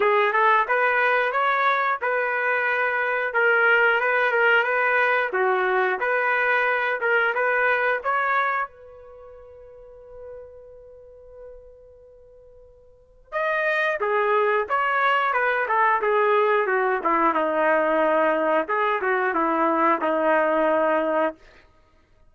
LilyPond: \new Staff \with { instrumentName = "trumpet" } { \time 4/4 \tempo 4 = 90 gis'8 a'8 b'4 cis''4 b'4~ | b'4 ais'4 b'8 ais'8 b'4 | fis'4 b'4. ais'8 b'4 | cis''4 b'2.~ |
b'1 | dis''4 gis'4 cis''4 b'8 a'8 | gis'4 fis'8 e'8 dis'2 | gis'8 fis'8 e'4 dis'2 | }